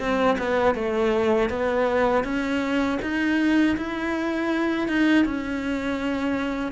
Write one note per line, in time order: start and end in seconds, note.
0.00 0.38 C4
0.39 0.75 B3
0.75 1.50 A3
1.50 2.24 B3
2.24 2.99 C#4
3.02 3.77 D#4
3.78 4.88 E4
4.88 5.25 D#4
5.25 6.72 C#4